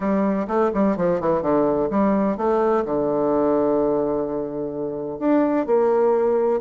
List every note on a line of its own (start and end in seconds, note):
0.00 0.46 G3
0.47 0.71 A3
0.73 0.96 G3
0.96 1.20 F3
1.20 1.42 E3
1.42 1.89 D3
1.90 2.37 G3
2.37 2.84 A3
2.85 5.19 D3
5.19 5.66 D4
5.66 6.61 A#3